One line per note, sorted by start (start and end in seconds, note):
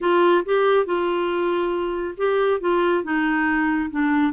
0.00 0.43 F4
0.45 0.85 G4
0.85 2.15 F4
2.17 2.60 G4
2.60 3.03 F4
3.03 3.90 D#4
3.90 4.32 D4